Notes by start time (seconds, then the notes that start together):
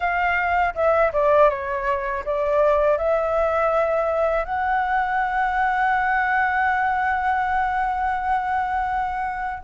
0.00 F5
0.74 E5
1.12 D5
1.49 C#5
2.25 D5
2.97 E5
4.44 F#5